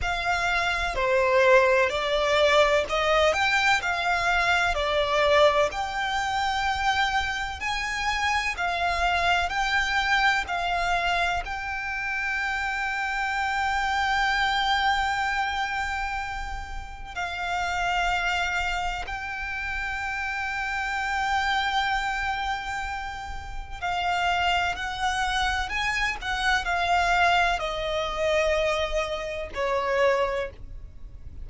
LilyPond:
\new Staff \with { instrumentName = "violin" } { \time 4/4 \tempo 4 = 63 f''4 c''4 d''4 dis''8 g''8 | f''4 d''4 g''2 | gis''4 f''4 g''4 f''4 | g''1~ |
g''2 f''2 | g''1~ | g''4 f''4 fis''4 gis''8 fis''8 | f''4 dis''2 cis''4 | }